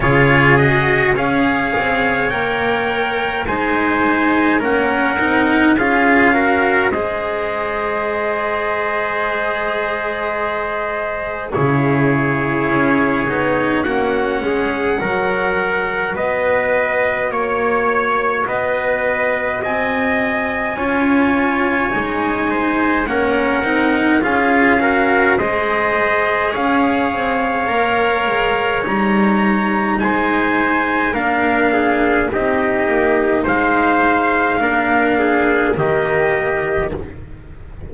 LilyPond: <<
  \new Staff \with { instrumentName = "trumpet" } { \time 4/4 \tempo 4 = 52 cis''8 dis''8 f''4 g''4 gis''4 | fis''4 f''4 dis''2~ | dis''2 cis''2 | fis''2 dis''4 cis''4 |
dis''4 gis''2. | fis''4 f''4 dis''4 f''4~ | f''4 ais''4 gis''4 f''4 | dis''4 f''2 dis''4 | }
  \new Staff \with { instrumentName = "trumpet" } { \time 4/4 gis'4 cis''2 c''4 | ais'4 gis'8 ais'8 c''2~ | c''2 gis'2 | fis'8 gis'8 ais'4 b'4 cis''4 |
b'4 dis''4 cis''4. c''8 | ais'4 gis'8 ais'8 c''4 cis''4~ | cis''2 c''4 ais'8 gis'8 | g'4 c''4 ais'8 gis'8 g'4 | }
  \new Staff \with { instrumentName = "cello" } { \time 4/4 f'8 fis'8 gis'4 ais'4 dis'4 | cis'8 dis'8 f'8 fis'8 gis'2~ | gis'2 e'4. dis'8 | cis'4 fis'2.~ |
fis'2 f'4 dis'4 | cis'8 dis'8 f'8 fis'8 gis'2 | ais'4 dis'2 d'4 | dis'2 d'4 ais4 | }
  \new Staff \with { instrumentName = "double bass" } { \time 4/4 cis4 cis'8 c'8 ais4 gis4 | ais8 c'8 cis'4 gis2~ | gis2 cis4 cis'8 b8 | ais8 gis8 fis4 b4 ais4 |
b4 c'4 cis'4 gis4 | ais8 c'8 cis'4 gis4 cis'8 c'8 | ais8 gis8 g4 gis4 ais4 | c'8 ais8 gis4 ais4 dis4 | }
>>